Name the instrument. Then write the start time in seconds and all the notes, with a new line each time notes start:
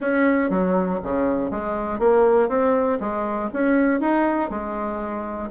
bassoon
0.00 C#4
0.50 F#3
1.03 C#3
1.50 G#3
1.99 A#3
2.48 C4
3.00 G#3
3.53 C#4
4.00 D#4
4.50 G#3